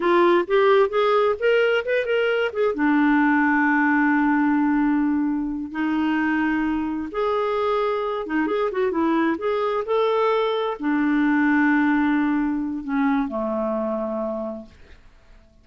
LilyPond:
\new Staff \with { instrumentName = "clarinet" } { \time 4/4 \tempo 4 = 131 f'4 g'4 gis'4 ais'4 | b'8 ais'4 gis'8 d'2~ | d'1~ | d'8 dis'2. gis'8~ |
gis'2 dis'8 gis'8 fis'8 e'8~ | e'8 gis'4 a'2 d'8~ | d'1 | cis'4 a2. | }